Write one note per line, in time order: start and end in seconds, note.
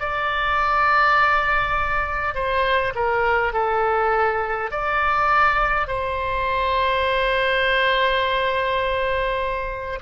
0.00 2.35 D5
2.35 2.94 C5
2.95 3.53 A#4
3.53 4.71 A4
4.71 5.88 D5
5.88 9.99 C5